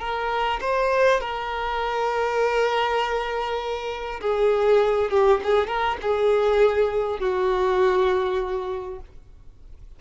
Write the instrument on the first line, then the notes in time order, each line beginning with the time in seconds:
violin
0.00 A#4
0.61 C5
1.21 A#4
4.21 G#4
5.11 G4
5.44 G#4
5.68 A#4
6.02 G#4
7.20 F#4